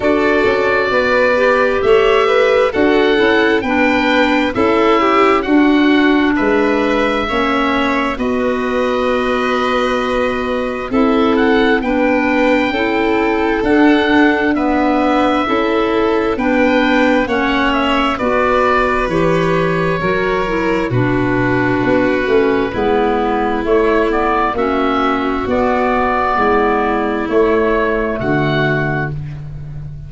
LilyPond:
<<
  \new Staff \with { instrumentName = "oboe" } { \time 4/4 \tempo 4 = 66 d''2 e''4 fis''4 | g''4 e''4 fis''4 e''4~ | e''4 dis''2. | e''8 fis''8 g''2 fis''4 |
e''2 g''4 fis''8 e''8 | d''4 cis''2 b'4~ | b'2 cis''8 d''8 e''4 | d''2 cis''4 fis''4 | }
  \new Staff \with { instrumentName = "violin" } { \time 4/4 a'4 b'4 cis''8 b'8 a'4 | b'4 a'8 g'8 fis'4 b'4 | cis''4 b'2. | a'4 b'4 a'2 |
b'4 a'4 b'4 cis''4 | b'2 ais'4 fis'4~ | fis'4 e'2 fis'4~ | fis'4 e'2 fis'4 | }
  \new Staff \with { instrumentName = "clarinet" } { \time 4/4 fis'4. g'4. fis'8 e'8 | d'4 e'4 d'2 | cis'4 fis'2. | e'4 d'4 e'4 d'4 |
b4 e'4 d'4 cis'4 | fis'4 g'4 fis'8 e'8 d'4~ | d'8 cis'8 b4 a8 b8 cis'4 | b2 a2 | }
  \new Staff \with { instrumentName = "tuba" } { \time 4/4 d'8 cis'8 b4 a4 d'8 cis'8 | b4 cis'4 d'4 gis4 | ais4 b2. | c'4 b4 cis'4 d'4~ |
d'4 cis'4 b4 ais4 | b4 e4 fis4 b,4 | b8 a8 gis4 a4 ais4 | b4 gis4 a4 d4 | }
>>